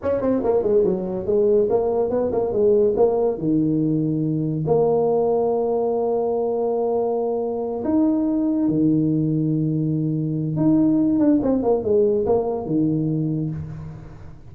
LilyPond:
\new Staff \with { instrumentName = "tuba" } { \time 4/4 \tempo 4 = 142 cis'8 c'8 ais8 gis8 fis4 gis4 | ais4 b8 ais8 gis4 ais4 | dis2. ais4~ | ais1~ |
ais2~ ais8 dis'4.~ | dis'8 dis2.~ dis8~ | dis4 dis'4. d'8 c'8 ais8 | gis4 ais4 dis2 | }